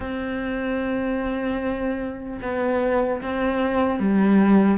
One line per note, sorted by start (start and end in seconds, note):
0.00 2.40 C4
2.41 3.21 B3
3.22 3.99 C4
3.99 4.78 G3